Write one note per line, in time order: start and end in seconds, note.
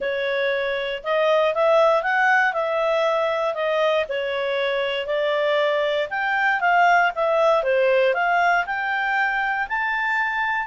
0.00 1.02 C#5
1.03 1.54 D#5
1.54 2.02 E5
2.02 2.53 F#5
2.53 3.54 E5
3.54 4.05 D#5
4.08 5.06 C#5
5.06 6.08 D5
6.10 6.60 G5
6.60 7.11 F5
7.15 7.63 E5
7.63 8.14 C5
8.14 8.65 F5
8.66 9.67 G5
9.68 10.67 A5